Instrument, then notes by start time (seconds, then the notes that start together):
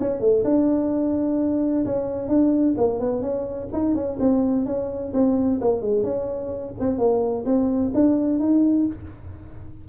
tuba
0.00 C#4
0.20 A3
0.44 D4
1.86 C#4
2.28 D4
2.78 A#3
3.00 B3
3.22 C#4
3.73 D#4
3.95 C#4
4.19 C4
4.66 C#4
5.13 C4
5.61 A#3
5.81 G#3
6.04 C#4
6.80 C4
6.98 A#3
7.45 C4
7.94 D4
8.39 D#4